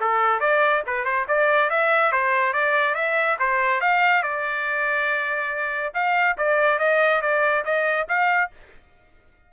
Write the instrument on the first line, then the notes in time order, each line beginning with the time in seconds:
trumpet
0.00 A4
0.40 D5
0.86 B4
1.04 C5
1.28 D5
1.70 E5
2.12 C5
2.53 D5
2.94 E5
3.39 C5
3.80 F5
4.23 D5
5.94 F5
6.37 D5
6.79 D#5
7.21 D5
7.64 D#5
8.08 F5